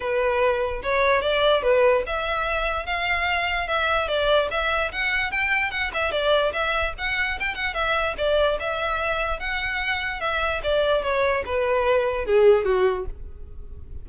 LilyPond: \new Staff \with { instrumentName = "violin" } { \time 4/4 \tempo 4 = 147 b'2 cis''4 d''4 | b'4 e''2 f''4~ | f''4 e''4 d''4 e''4 | fis''4 g''4 fis''8 e''8 d''4 |
e''4 fis''4 g''8 fis''8 e''4 | d''4 e''2 fis''4~ | fis''4 e''4 d''4 cis''4 | b'2 gis'4 fis'4 | }